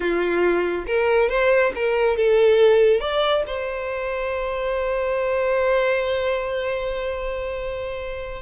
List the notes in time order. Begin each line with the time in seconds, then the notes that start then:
0.00 F4
0.86 A#4
1.29 C5
1.75 A#4
2.16 A4
3.00 D5
3.46 C5